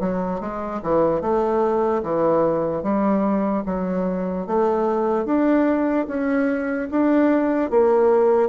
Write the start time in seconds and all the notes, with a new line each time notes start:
0.00 F#3
0.40 G#3
0.83 E3
1.21 A3
2.03 E3
2.83 G3
3.66 F#3
4.47 A3
5.25 D4
6.08 C#4
6.91 D4
7.70 A#3